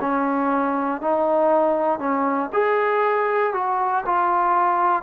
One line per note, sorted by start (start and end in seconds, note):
0.00 1.01 C#4
1.01 1.99 D#4
1.99 2.50 C#4
2.52 3.53 G#4
3.53 4.04 F#4
4.05 5.02 F4